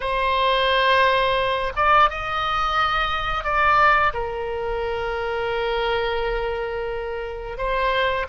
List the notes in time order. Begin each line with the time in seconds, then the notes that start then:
0.00 C5
1.76 D5
2.09 D#5
3.44 D5
4.13 A#4
7.57 C5